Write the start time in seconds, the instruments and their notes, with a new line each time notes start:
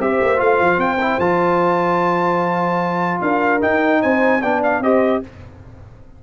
0.00 tuba C4, trombone G4, horn C5, trumpet E5
0.21 tuba A#3
0.37 tuba A3, trombone F4, trumpet F5
0.60 tuba F3
0.78 tuba C4, trumpet G5
1.01 trombone E4
1.19 tuba F3, trombone F4, trumpet A5
3.21 tuba D4, horn A#4, trumpet F5
3.61 trombone D#4, tuba D#4, trumpet G5
4.02 tuba C4, horn C5, trumpet G#5
4.42 tuba B3, trombone D4, horn D5, trumpet G5
4.63 trumpet F5
4.80 tuba C4, trombone G4, horn C5, trumpet D#5